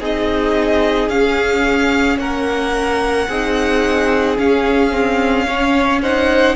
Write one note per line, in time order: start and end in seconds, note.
0.00 1.09 C4
0.00 1.09 D#4
0.00 2.18 G#4
0.00 1.09 D#5
1.09 2.18 C#4
1.09 3.27 C#4
1.09 2.18 F5
2.18 3.27 A#3
2.18 3.28 A#4
2.18 4.37 F#5
3.28 4.37 C4
3.28 4.37 D#4
3.28 5.46 G#4
4.37 4.91 C#4
4.37 6.56 C#4
4.37 6.02 F5
4.91 5.46 C4
5.47 6.03 C#4
5.47 6.01 C#5
6.02 6.56 D#4
6.02 6.56 C5
6.02 6.56 F#5